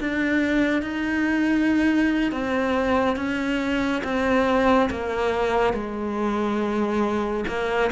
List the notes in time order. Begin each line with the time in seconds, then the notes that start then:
0.00 D4
0.82 D#4
2.31 C4
3.16 C#4
4.04 C4
4.90 A#3
5.73 G#3
7.48 A#3